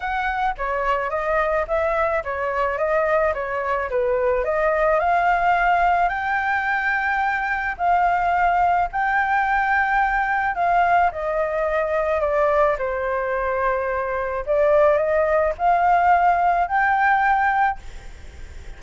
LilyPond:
\new Staff \with { instrumentName = "flute" } { \time 4/4 \tempo 4 = 108 fis''4 cis''4 dis''4 e''4 | cis''4 dis''4 cis''4 b'4 | dis''4 f''2 g''4~ | g''2 f''2 |
g''2. f''4 | dis''2 d''4 c''4~ | c''2 d''4 dis''4 | f''2 g''2 | }